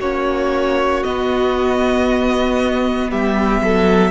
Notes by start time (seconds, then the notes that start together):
0.00 A#3 C#4 F#4 C#5
1.04 B3 D#5
3.11 G3 G4 E5
3.61 F#3 A4